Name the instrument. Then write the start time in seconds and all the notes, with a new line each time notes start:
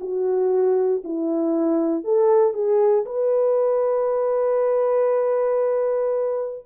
horn
0.00 F#4
1.03 E4
2.03 A4
2.53 G#4
3.05 B4